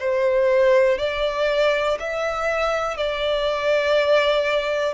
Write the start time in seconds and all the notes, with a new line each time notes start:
0.00 C5
0.99 D5
2.00 E5
2.98 D5